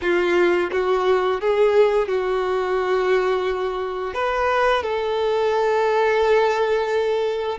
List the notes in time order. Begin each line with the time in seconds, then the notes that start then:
0.01 F4
0.71 F#4
1.40 G#4
2.08 F#4
4.13 B4
4.82 A4